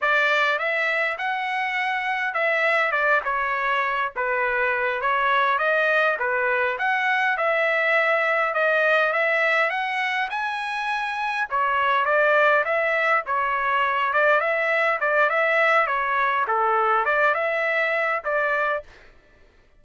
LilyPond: \new Staff \with { instrumentName = "trumpet" } { \time 4/4 \tempo 4 = 102 d''4 e''4 fis''2 | e''4 d''8 cis''4. b'4~ | b'8 cis''4 dis''4 b'4 fis''8~ | fis''8 e''2 dis''4 e''8~ |
e''8 fis''4 gis''2 cis''8~ | cis''8 d''4 e''4 cis''4. | d''8 e''4 d''8 e''4 cis''4 | a'4 d''8 e''4. d''4 | }